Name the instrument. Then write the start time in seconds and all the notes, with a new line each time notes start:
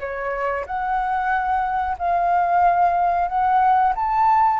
flute
0.00 C#5
0.66 F#5
1.99 F5
3.28 F#5
3.96 A5